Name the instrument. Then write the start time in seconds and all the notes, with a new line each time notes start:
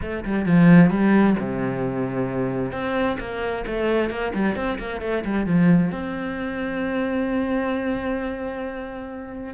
cello
0.01 A3
0.24 G3
0.45 F3
0.90 G3
1.39 C3
2.71 C4
3.19 A#3
3.66 A3
4.10 A#3
4.34 G3
4.55 C4
4.78 A#3
5.01 A3
5.24 G3
5.45 F3
5.91 C4